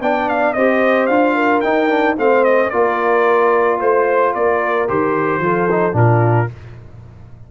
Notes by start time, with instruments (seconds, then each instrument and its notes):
0.00 tuba B3, trombone D4, horn D5, trumpet G5
0.29 trumpet F5
0.53 tuba C4, trombone G4, horn C5, trumpet D#5
1.06 tuba D4, trombone F4, trumpet F5
1.34 horn A#4
1.60 tuba D#4, trombone D#4, trumpet G5
1.89 trombone D4
2.17 tuba A3, trombone C4, horn C5, trumpet F5
2.43 trumpet D#5
2.70 tuba A#3, trombone F4, horn A#4, trumpet D5
3.78 tuba A3, horn C5, trumpet C5
4.33 tuba A#3, horn A#4, trumpet D5
4.88 tuba D#3, trombone G4, trumpet C5
5.38 tuba F3, trombone F4, horn A4
5.71 trombone D#4
5.92 tuba A#2, trombone D4, horn F4, trumpet A#4